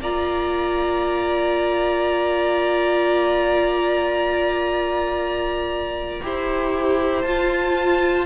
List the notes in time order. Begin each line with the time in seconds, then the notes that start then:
0.00 A#3 F4 D5 A#5
6.22 E4 G4 C5
7.22 F4 A5